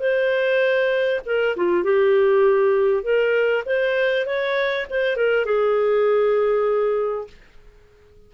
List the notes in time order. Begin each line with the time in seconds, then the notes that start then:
0.00 C5
1.26 A#4
1.57 F4
1.84 G4
3.04 A#4
3.66 C5
4.26 C#5
4.90 C5
5.17 A#4
5.46 G#4